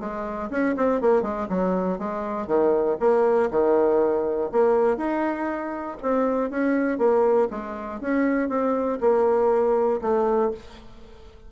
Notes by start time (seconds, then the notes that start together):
0.00 G#3
0.51 C#4
0.77 C4
1.01 A#3
1.22 G#3
1.49 F#3
1.99 G#3
2.47 D#3
3.00 A#3
3.51 D#3
4.52 A#3
4.97 D#4
6.02 C4
6.50 C#4
6.99 A#3
7.51 G#3
8.01 C#4
8.49 C4
9.01 A#3
10.02 A3